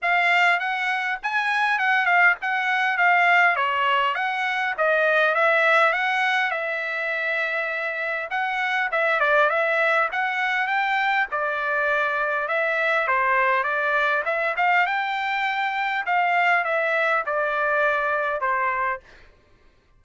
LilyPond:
\new Staff \with { instrumentName = "trumpet" } { \time 4/4 \tempo 4 = 101 f''4 fis''4 gis''4 fis''8 f''8 | fis''4 f''4 cis''4 fis''4 | dis''4 e''4 fis''4 e''4~ | e''2 fis''4 e''8 d''8 |
e''4 fis''4 g''4 d''4~ | d''4 e''4 c''4 d''4 | e''8 f''8 g''2 f''4 | e''4 d''2 c''4 | }